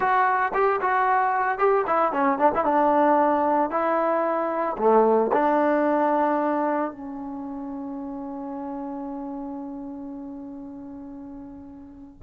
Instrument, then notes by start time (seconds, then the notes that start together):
trombone
0.00 F#4
0.53 G4
0.81 F#4
1.58 G4
1.87 E4
2.12 C#4
2.38 D4
2.54 E4
2.64 D4
3.70 E4
4.78 A3
5.32 D4
6.91 C#4